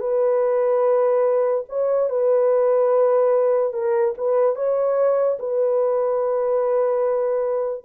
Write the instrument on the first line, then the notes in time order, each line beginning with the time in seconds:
horn
0.00 B4
1.68 C#5
2.10 B4
3.73 A#4
4.17 B4
4.56 C#5
5.39 B4